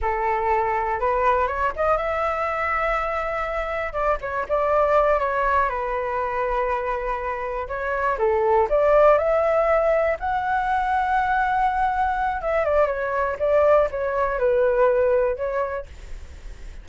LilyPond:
\new Staff \with { instrumentName = "flute" } { \time 4/4 \tempo 4 = 121 a'2 b'4 cis''8 dis''8 | e''1 | d''8 cis''8 d''4. cis''4 b'8~ | b'2.~ b'8 cis''8~ |
cis''8 a'4 d''4 e''4.~ | e''8 fis''2.~ fis''8~ | fis''4 e''8 d''8 cis''4 d''4 | cis''4 b'2 cis''4 | }